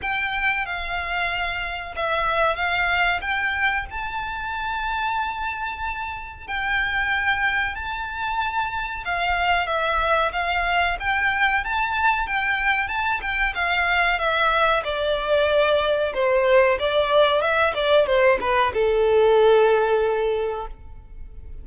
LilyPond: \new Staff \with { instrumentName = "violin" } { \time 4/4 \tempo 4 = 93 g''4 f''2 e''4 | f''4 g''4 a''2~ | a''2 g''2 | a''2 f''4 e''4 |
f''4 g''4 a''4 g''4 | a''8 g''8 f''4 e''4 d''4~ | d''4 c''4 d''4 e''8 d''8 | c''8 b'8 a'2. | }